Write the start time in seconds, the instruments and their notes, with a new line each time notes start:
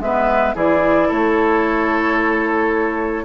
0.00 bassoon G#3, clarinet B3, oboe B4, flute E5
0.55 bassoon E3, clarinet E4, oboe G#4, flute D5
1.09 bassoon A3, oboe A4, flute C#5